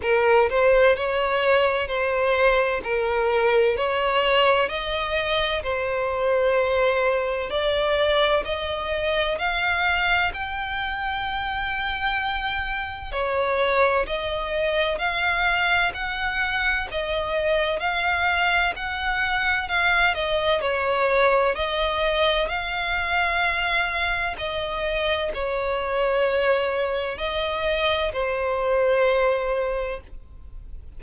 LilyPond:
\new Staff \with { instrumentName = "violin" } { \time 4/4 \tempo 4 = 64 ais'8 c''8 cis''4 c''4 ais'4 | cis''4 dis''4 c''2 | d''4 dis''4 f''4 g''4~ | g''2 cis''4 dis''4 |
f''4 fis''4 dis''4 f''4 | fis''4 f''8 dis''8 cis''4 dis''4 | f''2 dis''4 cis''4~ | cis''4 dis''4 c''2 | }